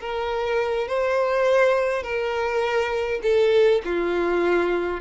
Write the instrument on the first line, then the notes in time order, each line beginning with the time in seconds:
violin
0.00 A#4
0.87 C5
2.03 A#4
3.22 A4
3.84 F4